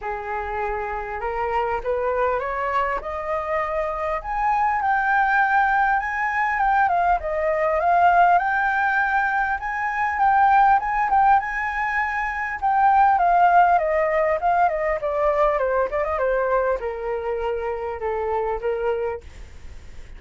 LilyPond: \new Staff \with { instrumentName = "flute" } { \time 4/4 \tempo 4 = 100 gis'2 ais'4 b'4 | cis''4 dis''2 gis''4 | g''2 gis''4 g''8 f''8 | dis''4 f''4 g''2 |
gis''4 g''4 gis''8 g''8 gis''4~ | gis''4 g''4 f''4 dis''4 | f''8 dis''8 d''4 c''8 d''16 dis''16 c''4 | ais'2 a'4 ais'4 | }